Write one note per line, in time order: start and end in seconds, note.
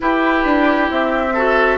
0.00 1.29 E4
0.00 0.44 E4
0.00 1.33 G4
0.00 0.90 B4
0.44 0.89 D4
0.90 1.78 C4
0.90 1.78 E5
1.33 1.78 F#4
1.33 1.78 A4